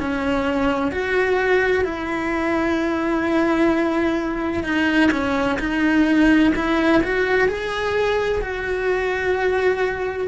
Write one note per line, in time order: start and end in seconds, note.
0.00 0.92 C#4
0.92 1.85 F#4
1.85 4.64 E4
4.64 5.11 D#4
5.12 5.59 C#4
5.60 6.54 D#4
6.56 7.03 E4
7.04 7.48 F#4
7.48 8.42 G#4
8.42 10.29 F#4